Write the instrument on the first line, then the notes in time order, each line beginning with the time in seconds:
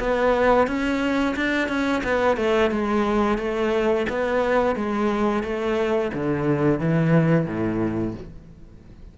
cello
0.00 B3
0.68 C#4
1.37 D4
1.69 C#4
2.04 B3
2.37 A3
2.71 G#3
3.38 A3
4.10 B3
4.76 G#3
5.44 A3
6.14 D3
6.80 E3
7.47 A2